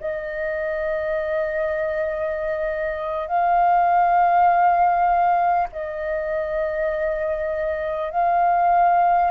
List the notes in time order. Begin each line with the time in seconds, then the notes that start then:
0.00 D#5
3.28 F5
5.73 D#5
8.11 F5